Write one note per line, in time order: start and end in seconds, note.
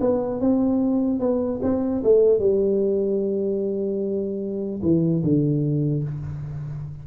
0.00 0.40 B3
0.40 1.20 C4
1.20 1.60 B3
1.62 2.02 C4
2.03 2.39 A3
2.39 4.80 G3
4.82 5.23 E3
5.23 6.03 D3